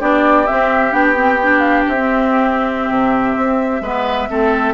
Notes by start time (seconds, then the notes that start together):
0.00 B3 D4 G4 D5
0.47 C4 E5
0.92 B3 D4 G5
1.16 C4
1.43 D4
1.60 F5
1.88 C4 E5
1.97 C4
2.89 C3
3.37 C4
3.81 G#3 B3 B4
4.29 A3 C4 A4